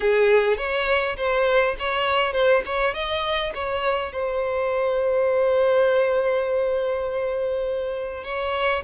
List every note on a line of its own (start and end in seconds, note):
0.00 0.57 G#4
0.57 1.16 C#5
1.16 1.75 C5
1.79 2.32 C#5
2.32 2.62 C5
2.65 2.94 C#5
2.94 3.52 D#5
3.54 4.12 C#5
4.12 8.24 C5
8.24 8.83 C#5